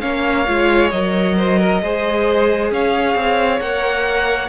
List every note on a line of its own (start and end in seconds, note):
0.00 0.47 A#3
0.00 0.45 C#4
0.00 1.35 C#5
0.00 0.90 F5
0.47 0.92 G#3
0.47 0.91 F4
0.90 1.81 F#3
0.90 1.82 A#4
0.90 2.70 D#5
1.36 1.59 C5
1.59 1.81 A#4
1.81 2.71 G#3
1.81 3.60 G#4
1.81 2.72 C5
2.71 3.15 C#4
2.71 4.48 C#5
2.71 3.60 F5
3.15 3.59 C4
3.60 4.48 A#3
3.60 4.48 A#4
3.60 4.48 F#5